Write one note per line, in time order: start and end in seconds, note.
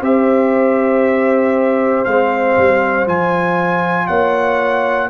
0.00 2.05 C4
0.00 2.06 G4
0.00 4.07 C5
0.00 2.04 E5
2.04 2.57 G#3
2.04 3.07 C4
2.04 3.06 F5
2.57 3.07 G3
3.07 4.08 F3
3.07 5.10 F4
3.07 4.07 G#5
4.07 5.10 A#3
4.07 5.09 C#5
4.07 5.09 F#5